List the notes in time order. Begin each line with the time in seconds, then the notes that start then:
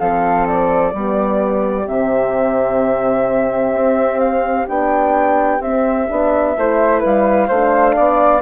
0.00 F3 C4 A4 F5
0.47 D5
0.92 G3 B3 G4
1.86 C3 C4 E5
3.73 C4
4.20 F5
4.67 B3 D4 G5
5.60 C4 E5
6.09 B3 D4
6.56 A3 E4 C5
7.00 G3 B4 F5
7.48 A3 D4 C5
7.96 B3 D5